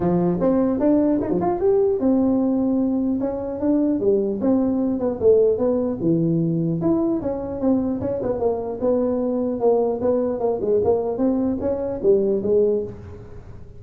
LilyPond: \new Staff \with { instrumentName = "tuba" } { \time 4/4 \tempo 4 = 150 f4 c'4 d'4 dis'16 f16 f'8 | g'4 c'2. | cis'4 d'4 g4 c'4~ | c'8 b8 a4 b4 e4~ |
e4 e'4 cis'4 c'4 | cis'8 b8 ais4 b2 | ais4 b4 ais8 gis8 ais4 | c'4 cis'4 g4 gis4 | }